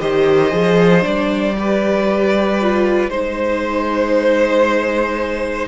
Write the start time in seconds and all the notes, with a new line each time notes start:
0.00 D#3 G4 C5 D#5
0.51 F3 G#4
1.01 G3 D4 D5
1.58 G4 B4
2.61 F4
3.09 G#3 D#4 C5